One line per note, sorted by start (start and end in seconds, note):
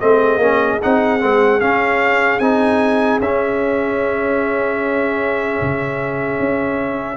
0.00 0.37 A3
0.00 0.40 C4
0.00 7.17 G#4
0.00 0.80 D#5
0.37 0.77 A#3
0.37 0.81 C#4
0.82 1.23 C4
0.82 1.20 D#4
0.82 1.61 F#5
1.20 1.61 G#3
1.20 1.60 C4
1.61 2.41 C#4
1.61 2.40 C#4
1.61 2.39 F5
2.39 3.20 C4
2.39 3.21 D#4
2.39 3.19 G#5
3.20 5.60 C#4
3.20 7.17 C#4
3.20 7.17 E5
5.61 6.39 C#3
6.39 7.17 C#4